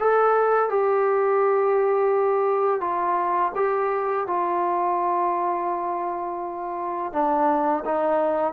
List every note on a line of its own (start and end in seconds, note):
0.00 0.69 A4
0.69 2.81 G4
2.81 3.52 F4
3.56 4.27 G4
4.27 7.12 F4
7.12 7.84 D4
7.85 8.53 D#4